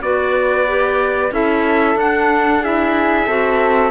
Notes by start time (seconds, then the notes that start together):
0.00 B3 F#4 B4 D5
0.67 G4
1.31 C#4 E4 A4 E5
1.95 D4 F#5
2.62 E4 G#4 E5
3.26 C4 F#4 A4